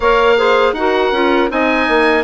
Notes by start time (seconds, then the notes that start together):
0.00 A#3 A#4 C#5 F5
0.37 G#4 C5
0.72 D#4 F#4 F#5
0.79 A#4
1.11 C#4 F4
1.48 C4 D#4 D#5 G#5
1.88 A#3